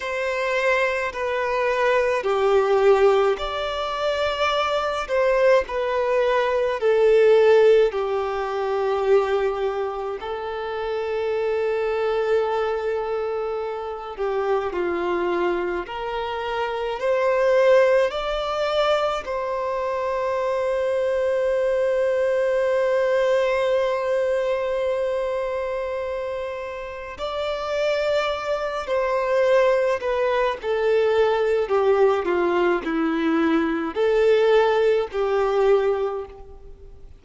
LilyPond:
\new Staff \with { instrumentName = "violin" } { \time 4/4 \tempo 4 = 53 c''4 b'4 g'4 d''4~ | d''8 c''8 b'4 a'4 g'4~ | g'4 a'2.~ | a'8 g'8 f'4 ais'4 c''4 |
d''4 c''2.~ | c''1 | d''4. c''4 b'8 a'4 | g'8 f'8 e'4 a'4 g'4 | }